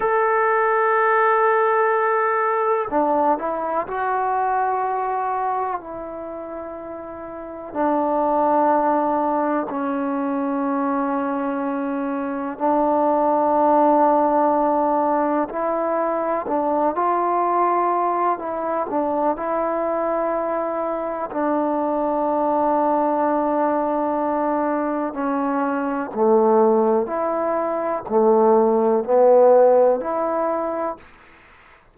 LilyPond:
\new Staff \with { instrumentName = "trombone" } { \time 4/4 \tempo 4 = 62 a'2. d'8 e'8 | fis'2 e'2 | d'2 cis'2~ | cis'4 d'2. |
e'4 d'8 f'4. e'8 d'8 | e'2 d'2~ | d'2 cis'4 a4 | e'4 a4 b4 e'4 | }